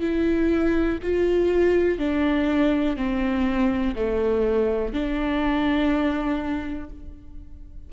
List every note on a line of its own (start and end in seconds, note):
0.00 0.98 E4
1.02 1.98 F4
1.98 2.96 D4
2.96 3.95 C4
3.95 4.93 A3
4.93 6.90 D4